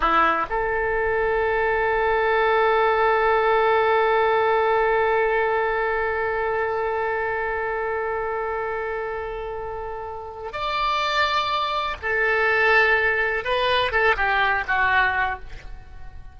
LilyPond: \new Staff \with { instrumentName = "oboe" } { \time 4/4 \tempo 4 = 125 e'4 a'2.~ | a'1~ | a'1~ | a'1~ |
a'1~ | a'2 d''2~ | d''4 a'2. | b'4 a'8 g'4 fis'4. | }